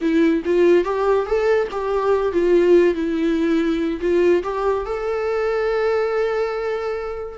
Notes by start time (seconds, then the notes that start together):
0.01 E4
0.45 F4
0.84 G4
1.26 A4
1.71 G4
2.32 F4
2.94 E4
4.00 F4
4.43 G4
4.85 A4